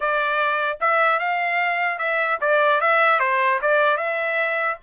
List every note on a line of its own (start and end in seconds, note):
0.00 0.78 D5
0.80 1.19 E5
1.19 1.98 F5
1.98 2.38 E5
2.41 2.80 D5
2.80 3.19 E5
3.19 3.59 C5
3.61 3.97 D5
3.97 4.77 E5